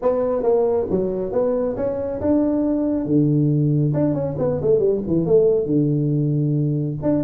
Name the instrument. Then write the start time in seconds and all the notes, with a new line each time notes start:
tuba
0.01 B3
0.43 A#3
0.90 F#3
1.32 B3
1.76 C#4
2.20 D4
3.05 D3
3.93 D4
4.13 C#4
4.38 B3
4.61 A3
4.79 G3
5.07 E3
5.26 A3
5.65 D3
7.02 D4